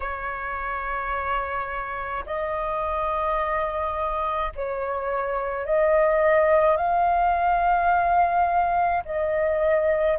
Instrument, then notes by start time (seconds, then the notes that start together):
flute
0.00 C#5
2.25 D#5
4.55 C#5
5.66 D#5
6.76 F5
9.05 D#5